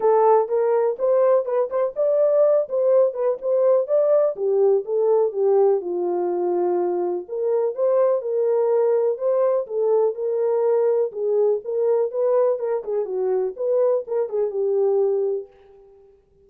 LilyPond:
\new Staff \with { instrumentName = "horn" } { \time 4/4 \tempo 4 = 124 a'4 ais'4 c''4 b'8 c''8 | d''4. c''4 b'8 c''4 | d''4 g'4 a'4 g'4 | f'2. ais'4 |
c''4 ais'2 c''4 | a'4 ais'2 gis'4 | ais'4 b'4 ais'8 gis'8 fis'4 | b'4 ais'8 gis'8 g'2 | }